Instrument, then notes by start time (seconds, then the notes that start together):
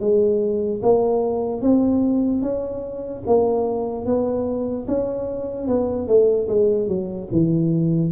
tuba
0.00 G#3
0.82 A#3
1.61 C4
2.42 C#4
3.26 A#3
4.05 B3
4.88 C#4
5.68 B3
6.07 A3
6.48 G#3
6.88 F#3
7.32 E3